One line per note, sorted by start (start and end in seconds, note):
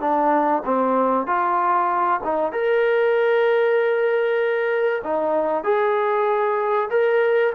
0.00 0.62 D4
0.65 1.26 C4
1.26 2.20 F4
2.24 2.52 D#4
2.52 5.02 A#4
5.04 5.64 D#4
5.64 6.89 G#4
6.90 7.53 A#4